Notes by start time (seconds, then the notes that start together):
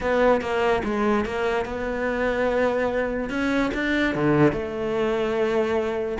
0.01 B3
0.41 A#3
0.84 G#3
1.25 A#3
1.65 B3
3.29 C#4
3.74 D4
4.15 D3
4.52 A3